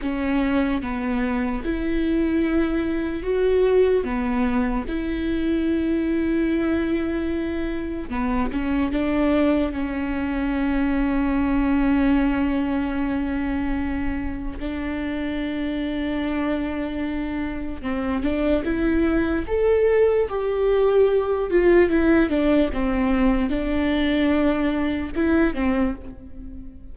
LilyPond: \new Staff \with { instrumentName = "viola" } { \time 4/4 \tempo 4 = 74 cis'4 b4 e'2 | fis'4 b4 e'2~ | e'2 b8 cis'8 d'4 | cis'1~ |
cis'2 d'2~ | d'2 c'8 d'8 e'4 | a'4 g'4. f'8 e'8 d'8 | c'4 d'2 e'8 c'8 | }